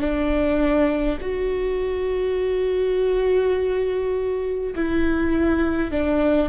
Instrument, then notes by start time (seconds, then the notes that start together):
viola
0.00 D4
1.21 F#4
4.75 E4
5.91 D4